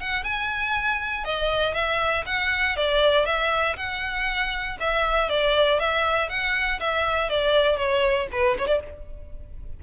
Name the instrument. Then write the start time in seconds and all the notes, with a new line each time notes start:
violin
0.00 F#5
0.24 G#5
1.25 D#5
1.74 E5
2.26 F#5
2.77 D5
3.26 E5
3.76 F#5
4.80 E5
5.29 D5
5.80 E5
6.29 F#5
6.80 E5
7.30 D5
7.77 C#5
8.32 B4
8.58 C#5
8.67 D5